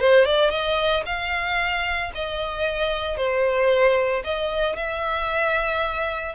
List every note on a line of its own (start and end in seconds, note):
0.00 0.25 C5
0.25 0.50 D5
0.50 1.04 D#5
1.06 2.12 F5
2.15 3.17 D#5
3.17 4.23 C5
4.24 4.76 D#5
4.76 6.35 E5